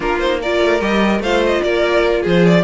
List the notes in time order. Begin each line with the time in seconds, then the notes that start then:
0.00 A#3 D4 F4 A#4
0.19 D#4 C5
0.41 F4 A#4 D5
0.61 A3
0.80 G3 G4 D#5
1.19 A3 F4 C5 F5
1.45 D#5
1.62 A#3 A#4 D5
2.22 F3 G#4 C5
2.46 D5